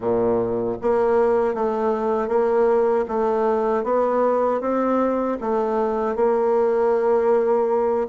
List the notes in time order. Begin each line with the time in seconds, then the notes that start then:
0.00 A#2
0.81 A#3
1.54 A3
2.28 A#3
3.08 A3
3.83 B3
4.60 C4
5.40 A3
6.15 A#3